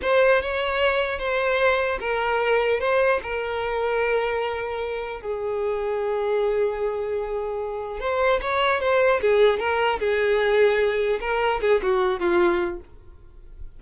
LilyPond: \new Staff \with { instrumentName = "violin" } { \time 4/4 \tempo 4 = 150 c''4 cis''2 c''4~ | c''4 ais'2 c''4 | ais'1~ | ais'4 gis'2.~ |
gis'1 | c''4 cis''4 c''4 gis'4 | ais'4 gis'2. | ais'4 gis'8 fis'4 f'4. | }